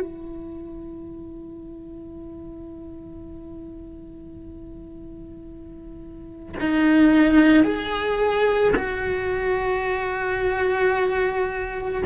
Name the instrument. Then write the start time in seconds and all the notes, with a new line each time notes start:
cello
0.00 E4
6.60 D#4
7.64 G#4
8.76 F#4